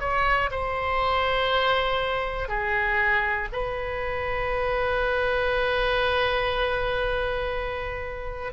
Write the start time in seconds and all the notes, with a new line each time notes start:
0.00 C#5
0.50 C5
2.48 G#4
3.52 B4